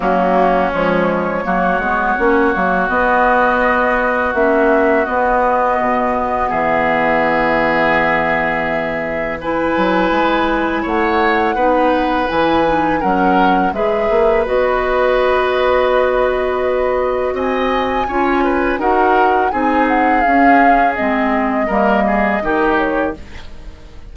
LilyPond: <<
  \new Staff \with { instrumentName = "flute" } { \time 4/4 \tempo 4 = 83 fis'4 cis''2. | dis''2 e''4 dis''4~ | dis''4 e''2.~ | e''4 gis''2 fis''4~ |
fis''4 gis''4 fis''4 e''4 | dis''1 | gis''2 fis''4 gis''8 fis''8 | f''4 dis''2~ dis''8 cis''8 | }
  \new Staff \with { instrumentName = "oboe" } { \time 4/4 cis'2 fis'2~ | fis'1~ | fis'4 gis'2.~ | gis'4 b'2 cis''4 |
b'2 ais'4 b'4~ | b'1 | dis''4 cis''8 b'8 ais'4 gis'4~ | gis'2 ais'8 gis'8 g'4 | }
  \new Staff \with { instrumentName = "clarinet" } { \time 4/4 ais4 gis4 ais8 b8 cis'8 ais8 | b2 cis'4 b4~ | b1~ | b4 e'2. |
dis'4 e'8 dis'8 cis'4 gis'4 | fis'1~ | fis'4 f'4 fis'4 dis'4 | cis'4 c'4 ais4 dis'4 | }
  \new Staff \with { instrumentName = "bassoon" } { \time 4/4 fis4 f4 fis8 gis8 ais8 fis8 | b2 ais4 b4 | b,4 e2.~ | e4. fis8 gis4 a4 |
b4 e4 fis4 gis8 ais8 | b1 | c'4 cis'4 dis'4 c'4 | cis'4 gis4 g4 dis4 | }
>>